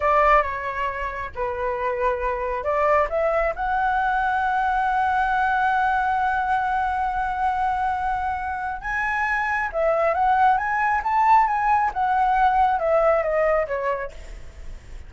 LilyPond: \new Staff \with { instrumentName = "flute" } { \time 4/4 \tempo 4 = 136 d''4 cis''2 b'4~ | b'2 d''4 e''4 | fis''1~ | fis''1~ |
fis''1 | gis''2 e''4 fis''4 | gis''4 a''4 gis''4 fis''4~ | fis''4 e''4 dis''4 cis''4 | }